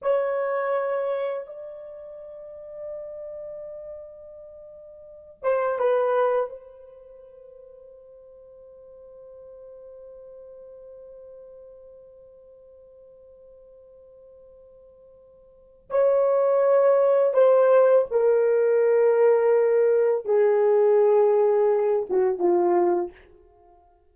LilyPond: \new Staff \with { instrumentName = "horn" } { \time 4/4 \tempo 4 = 83 cis''2 d''2~ | d''2.~ d''8 c''8 | b'4 c''2.~ | c''1~ |
c''1~ | c''2 cis''2 | c''4 ais'2. | gis'2~ gis'8 fis'8 f'4 | }